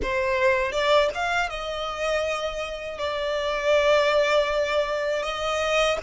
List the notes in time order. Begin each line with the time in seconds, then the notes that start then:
0.02 C5
0.72 D5
1.14 F5
1.49 D#5
2.98 D5
5.22 D#5